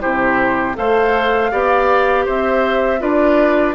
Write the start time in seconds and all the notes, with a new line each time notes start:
0.00 C3 E4 G4 C5
0.74 A3 A4 C5 F5
1.51 B3 G4 D5
2.25 C4 C5 E5
2.99 D4 F4 B4 D5